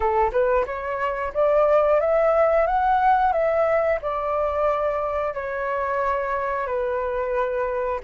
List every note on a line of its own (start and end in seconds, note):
0.00 0.31 A4
0.32 0.65 B4
0.65 1.32 C#5
1.33 2.00 D5
2.00 2.66 E5
2.66 3.32 F#5
3.32 3.98 E5
4.01 5.34 D5
5.34 6.66 C#5
6.66 8.00 B4